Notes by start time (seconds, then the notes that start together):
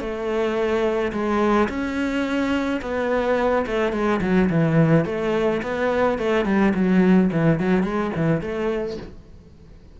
0.00 A3
1.12 G#3
1.68 C#4
2.82 B3
3.67 A3
3.93 G#3
4.21 F#3
4.50 E3
5.05 A3
5.63 B3
6.18 A3
6.45 G3
6.74 F#3
7.32 E3
7.59 F#3
7.83 G#3
8.16 E3
8.41 A3